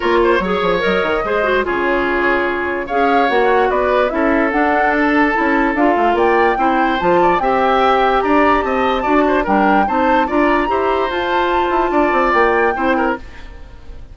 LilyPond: <<
  \new Staff \with { instrumentName = "flute" } { \time 4/4 \tempo 4 = 146 cis''2 dis''2 | cis''2. f''4 | fis''4 d''4 e''4 fis''4 | a''2 f''4 g''4~ |
g''4 a''4 g''2 | ais''4 a''2 g''4 | a''4 ais''2 a''4~ | a''2 g''2 | }
  \new Staff \with { instrumentName = "oboe" } { \time 4/4 ais'8 c''8 cis''2 c''4 | gis'2. cis''4~ | cis''4 b'4 a'2~ | a'2. d''4 |
c''4. d''8 e''2 | d''4 dis''4 d''8 c''8 ais'4 | c''4 d''4 c''2~ | c''4 d''2 c''8 ais'8 | }
  \new Staff \with { instrumentName = "clarinet" } { \time 4/4 f'4 gis'4 ais'4 gis'8 fis'8 | f'2. gis'4 | fis'2 e'4 d'4~ | d'4 e'4 f'2 |
e'4 f'4 g'2~ | g'2 fis'4 d'4 | dis'4 f'4 g'4 f'4~ | f'2. e'4 | }
  \new Staff \with { instrumentName = "bassoon" } { \time 4/4 ais4 fis8 f8 fis8 dis8 gis4 | cis2. cis'4 | ais4 b4 cis'4 d'4~ | d'4 cis'4 d'8 a8 ais4 |
c'4 f4 c'2 | d'4 c'4 d'4 g4 | c'4 d'4 e'4 f'4~ | f'8 e'8 d'8 c'8 ais4 c'4 | }
>>